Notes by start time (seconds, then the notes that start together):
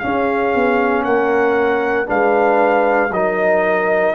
0.00 C#4 G#4 F5
0.55 B3
1.04 A#3 A#4 F#5
2.06 G#3 D4 B4 F5
3.11 F#3 D#4 A#4 D#5